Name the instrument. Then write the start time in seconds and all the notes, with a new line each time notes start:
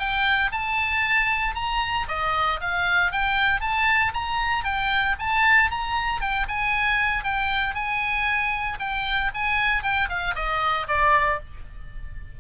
oboe
0.00 G5
0.52 A5
1.56 A#5
2.09 D#5
2.61 F5
3.12 G5
3.61 A5
4.14 A#5
4.65 G5
5.20 A5
5.71 A#5
6.21 G5
6.49 G#5
7.24 G5
7.75 G#5
8.80 G5
9.35 G#5
9.83 G5
10.09 F5
10.36 D#5
10.88 D5